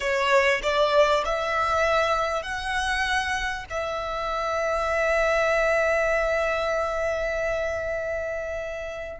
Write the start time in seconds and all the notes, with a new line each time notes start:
0.00 C#5
0.63 D5
1.25 E5
2.42 F#5
3.70 E5